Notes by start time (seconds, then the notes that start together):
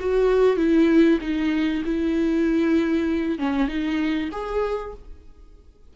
0.00 F#4
0.57 E4
1.21 D#4
1.86 E4
3.39 C#4
3.68 D#4
4.32 G#4